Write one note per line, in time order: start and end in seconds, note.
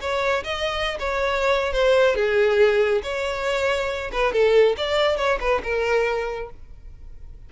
0.00 0.43 C#5
0.43 0.97 D#5
0.99 1.73 C#5
1.73 2.15 C5
2.15 3.01 G#4
3.03 4.10 C#5
4.12 4.32 B4
4.32 4.76 A4
4.77 5.17 D5
5.17 5.38 C#5
5.40 5.61 B4
5.63 6.49 A#4